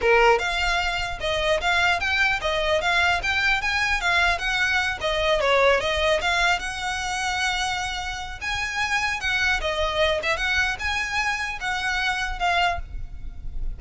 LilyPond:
\new Staff \with { instrumentName = "violin" } { \time 4/4 \tempo 4 = 150 ais'4 f''2 dis''4 | f''4 g''4 dis''4 f''4 | g''4 gis''4 f''4 fis''4~ | fis''8 dis''4 cis''4 dis''4 f''8~ |
f''8 fis''2.~ fis''8~ | fis''4 gis''2 fis''4 | dis''4. e''8 fis''4 gis''4~ | gis''4 fis''2 f''4 | }